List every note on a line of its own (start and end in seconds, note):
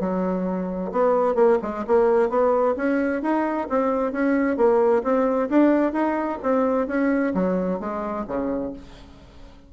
0.00 0.92 F#3
0.92 1.35 B3
1.35 1.58 A#3
1.62 1.85 G#3
1.87 2.30 A#3
2.30 2.75 B3
2.77 3.22 C#4
3.22 3.68 D#4
3.70 4.12 C4
4.12 4.57 C#4
4.57 5.03 A#3
5.04 5.49 C4
5.50 5.93 D4
5.93 6.39 D#4
6.43 6.88 C4
6.88 7.34 C#4
7.34 7.80 F#3
7.80 8.26 G#3
8.28 8.73 C#3